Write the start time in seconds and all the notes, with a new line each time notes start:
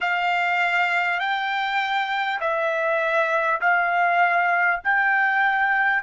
0.01 F5
1.19 G5
2.40 E5
3.61 F5
4.84 G5